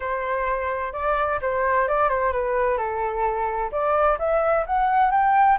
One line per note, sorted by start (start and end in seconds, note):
0.00 0.93 C5
0.93 1.39 D5
1.41 1.88 C5
1.88 2.09 D5
2.09 2.32 C5
2.32 2.77 B4
2.77 3.70 A4
3.71 4.18 D5
4.18 4.65 E5
4.66 5.11 F#5
5.11 5.58 G5